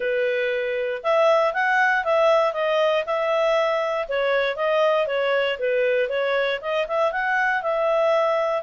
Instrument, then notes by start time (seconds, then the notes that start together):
clarinet
0.00 B4
1.03 E5
1.53 F#5
2.04 E5
2.53 D#5
3.06 E5
4.08 C#5
4.56 D#5
5.07 C#5
5.59 B4
6.09 C#5
6.61 D#5
6.87 E5
7.12 F#5
7.62 E5